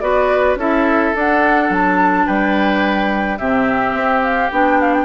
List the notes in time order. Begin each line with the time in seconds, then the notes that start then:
0.00 B3 F#4 B4 D5
0.56 C#4 E4 A4 E5
1.15 D4 F#5
1.70 F#3 A5
2.26 G3 B4 G5
3.38 C3 C4 G4 E5
3.94 C4
4.23 F5
4.52 B3 D4 G5
4.81 F5
4.93 G5